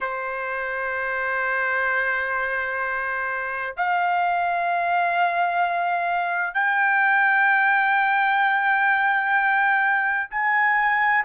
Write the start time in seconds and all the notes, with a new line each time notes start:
0.00 C5
3.76 F5
6.54 G5
10.30 G#5